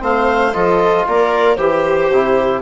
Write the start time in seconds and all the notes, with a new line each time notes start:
0.00 A3 C4 C5 F5
0.53 F3 F4 A4 D#5
1.08 A#3 A#4 D5
1.56 E3 G4 C5
2.12 C3 E4